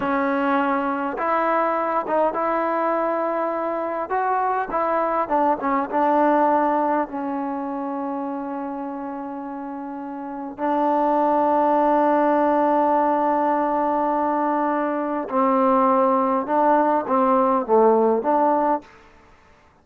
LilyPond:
\new Staff \with { instrumentName = "trombone" } { \time 4/4 \tempo 4 = 102 cis'2 e'4. dis'8 | e'2. fis'4 | e'4 d'8 cis'8 d'2 | cis'1~ |
cis'2 d'2~ | d'1~ | d'2 c'2 | d'4 c'4 a4 d'4 | }